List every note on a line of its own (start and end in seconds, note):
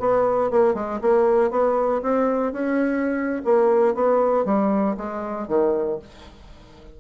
0.00 0.51 B3
0.51 0.75 A#3
0.75 1.00 G#3
1.02 1.51 A#3
1.51 2.02 B3
2.02 2.53 C4
2.53 3.42 C#4
3.45 3.95 A#3
3.95 4.45 B3
4.45 4.97 G3
4.97 5.48 G#3
5.48 5.99 D#3